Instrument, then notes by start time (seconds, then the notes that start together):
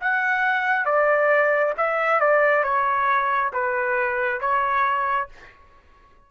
trumpet
0.00 F#5
0.85 D5
1.77 E5
2.20 D5
2.63 C#5
3.53 B4
4.40 C#5